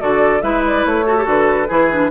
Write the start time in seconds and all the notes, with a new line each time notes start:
0.00 D3 F#4 A4 D5
0.42 G#3 E4 B4 E5
0.67 D5
0.86 A3 C#5
1.06 F#4 A4
1.18 G4
1.24 D3 F#4 B4
1.68 E3 E4 G#4
1.92 D4